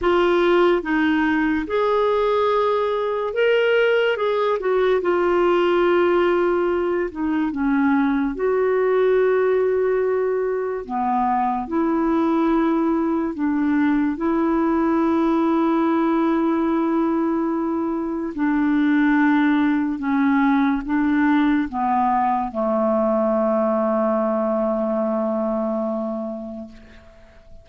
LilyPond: \new Staff \with { instrumentName = "clarinet" } { \time 4/4 \tempo 4 = 72 f'4 dis'4 gis'2 | ais'4 gis'8 fis'8 f'2~ | f'8 dis'8 cis'4 fis'2~ | fis'4 b4 e'2 |
d'4 e'2.~ | e'2 d'2 | cis'4 d'4 b4 a4~ | a1 | }